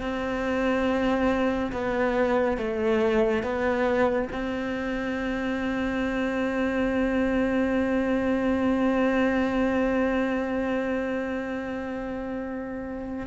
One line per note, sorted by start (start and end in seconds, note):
0.00 1.71 C4
1.72 2.57 B3
2.57 3.42 A3
3.42 4.28 B3
4.32 13.26 C4